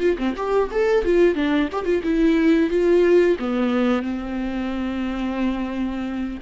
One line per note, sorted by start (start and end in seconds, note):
0.00 0.17 F4
0.18 0.35 C4
0.36 0.70 G4
0.71 1.05 A4
1.05 1.35 F4
1.35 1.69 D4
1.72 1.85 G4
1.85 2.02 F4
2.03 2.70 E4
2.70 3.37 F4
3.39 4.02 B3
4.02 6.38 C4